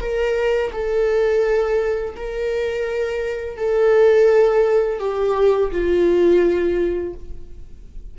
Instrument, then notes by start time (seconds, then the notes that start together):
viola
0.00 A#4
0.72 A4
2.16 A#4
3.57 A4
4.99 G4
5.71 F4